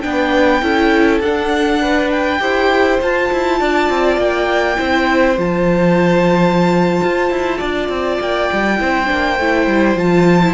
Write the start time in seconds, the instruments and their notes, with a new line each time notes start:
0.00 cello B3, viola D4, violin B4 G5
0.62 cello C#4, viola E4, violin A4
1.21 cello D4, viola D4, violin F#5
1.82 violin B4
2.11 violin G5
2.40 cello E4, viola G4, violin C5
3.02 cello F4, viola F4, violin A5
3.33 cello E4
3.60 cello D4, violin D5
3.90 cello C4
4.17 cello A#3, violin G5
4.77 cello C4, viola E4, violin C5
5.38 cello F3, viola F4, violin A5
7.04 cello F4
7.31 cello E4
7.58 cello D4, violin D5
7.89 cello C4
8.20 cello A#3, violin G5
8.53 cello G3
8.78 cello C4, viola E4, violin C5
9.06 cello A#3, viola D4
9.39 cello A3, viola E4
9.67 cello G3
9.96 cello F3, viola F4, violin A5
10.43 viola E4